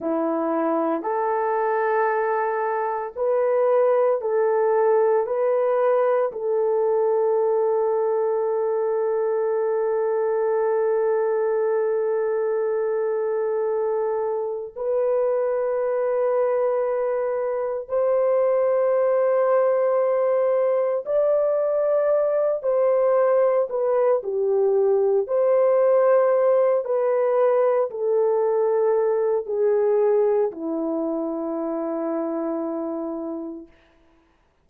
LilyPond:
\new Staff \with { instrumentName = "horn" } { \time 4/4 \tempo 4 = 57 e'4 a'2 b'4 | a'4 b'4 a'2~ | a'1~ | a'2 b'2~ |
b'4 c''2. | d''4. c''4 b'8 g'4 | c''4. b'4 a'4. | gis'4 e'2. | }